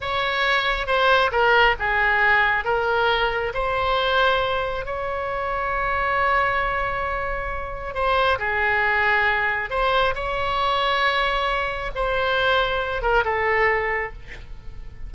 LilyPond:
\new Staff \with { instrumentName = "oboe" } { \time 4/4 \tempo 4 = 136 cis''2 c''4 ais'4 | gis'2 ais'2 | c''2. cis''4~ | cis''1~ |
cis''2 c''4 gis'4~ | gis'2 c''4 cis''4~ | cis''2. c''4~ | c''4. ais'8 a'2 | }